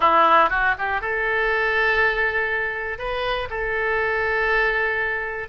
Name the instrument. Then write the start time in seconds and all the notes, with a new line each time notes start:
oboe
0.00 E4
0.49 F#4
0.78 G4
1.01 A4
2.98 B4
3.50 A4